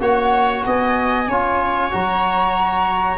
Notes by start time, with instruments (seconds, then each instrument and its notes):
0.00 tuba A#3, trombone F#4, viola C#5, flute F#5
0.66 tuba B3, viola D#5, flute G#5
1.28 tuba C#4, trombone F4, viola C#5
1.91 tuba F#3, trombone F#4, flute A#5